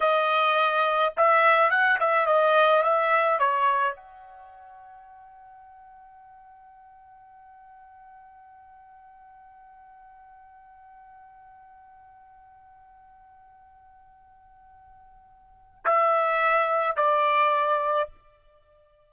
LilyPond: \new Staff \with { instrumentName = "trumpet" } { \time 4/4 \tempo 4 = 106 dis''2 e''4 fis''8 e''8 | dis''4 e''4 cis''4 fis''4~ | fis''1~ | fis''1~ |
fis''1~ | fis''1~ | fis''1 | e''2 d''2 | }